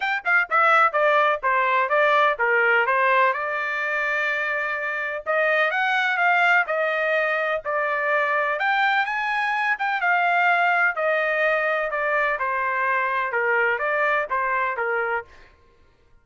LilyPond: \new Staff \with { instrumentName = "trumpet" } { \time 4/4 \tempo 4 = 126 g''8 f''8 e''4 d''4 c''4 | d''4 ais'4 c''4 d''4~ | d''2. dis''4 | fis''4 f''4 dis''2 |
d''2 g''4 gis''4~ | gis''8 g''8 f''2 dis''4~ | dis''4 d''4 c''2 | ais'4 d''4 c''4 ais'4 | }